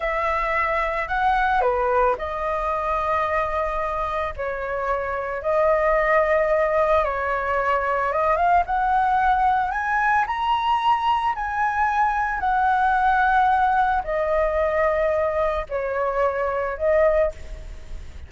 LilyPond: \new Staff \with { instrumentName = "flute" } { \time 4/4 \tempo 4 = 111 e''2 fis''4 b'4 | dis''1 | cis''2 dis''2~ | dis''4 cis''2 dis''8 f''8 |
fis''2 gis''4 ais''4~ | ais''4 gis''2 fis''4~ | fis''2 dis''2~ | dis''4 cis''2 dis''4 | }